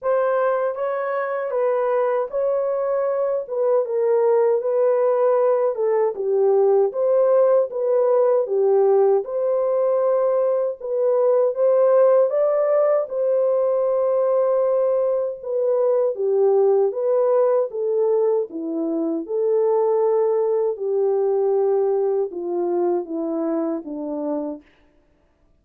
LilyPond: \new Staff \with { instrumentName = "horn" } { \time 4/4 \tempo 4 = 78 c''4 cis''4 b'4 cis''4~ | cis''8 b'8 ais'4 b'4. a'8 | g'4 c''4 b'4 g'4 | c''2 b'4 c''4 |
d''4 c''2. | b'4 g'4 b'4 a'4 | e'4 a'2 g'4~ | g'4 f'4 e'4 d'4 | }